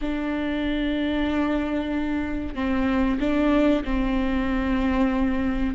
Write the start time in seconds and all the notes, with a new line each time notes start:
0.01 D4
2.54 C4
3.19 D4
3.84 C4